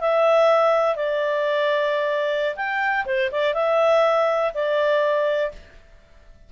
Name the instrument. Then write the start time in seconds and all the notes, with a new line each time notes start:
clarinet
0.00 E5
0.95 D5
2.56 G5
3.06 C5
3.32 D5
3.54 E5
4.54 D5